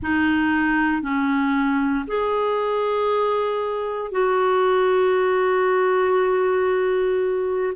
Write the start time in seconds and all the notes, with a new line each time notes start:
0.02 D#4
1.02 C#4
2.07 G#4
4.11 F#4